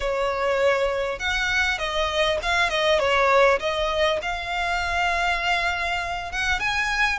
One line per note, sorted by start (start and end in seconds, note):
0.00 1.19 C#5
1.19 1.78 F#5
1.78 2.38 D#5
2.42 2.69 F5
2.69 2.99 D#5
2.99 3.59 C#5
3.59 4.19 D#5
4.22 6.32 F5
6.32 6.59 F#5
6.59 7.18 G#5